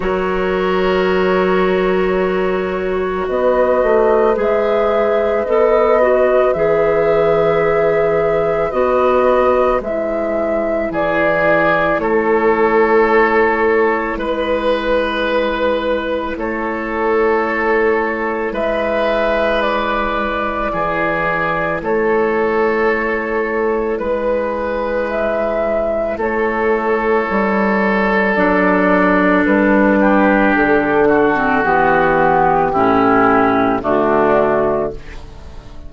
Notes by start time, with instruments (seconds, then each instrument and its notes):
0.00 bassoon F#3, clarinet F#4, oboe A#4, flute C#5
3.27 bassoon B3, oboe B4, flute D#5
3.82 bassoon A3
4.35 bassoon G#3, clarinet G#4, flute E5
5.45 bassoon B3, clarinet A4, flute D#5
6.01 clarinet F#4
6.53 bassoon E3, clarinet G#4, flute E5
8.71 bassoon B3, clarinet F#4, flute D#5
9.80 bassoon G#3, clarinet E4, flute E5
10.90 bassoon E3, oboe G#4, flute D5
11.98 bassoon A3, oboe A4, flute C#5
14.16 bassoon G#3, flute B4, oboe B4
16.36 bassoon A3, oboe A4, flute C#5
18.51 bassoon G#3, oboe B4, flute E5
19.61 flute D5
20.72 bassoon E3, oboe G#4
21.81 bassoon A3, oboe A4, flute C#5
23.98 bassoon G#3, flute B4, oboe B4
25.09 flute E5
26.16 bassoon A3, oboe A4, flute C#5
27.30 bassoon G3
28.35 bassoon F#3, clarinet D4, flute D5
29.45 bassoon G3, flute B4
30.00 oboe G4
30.55 bassoon D3, flute A4
31.08 oboe F#4
31.35 clarinet C4
31.63 bassoon E3, clarinet B3, flute G4
32.72 bassoon A2, clarinet C#4, oboe E4
33.81 bassoon D3, clarinet A3, oboe D4, flute F#4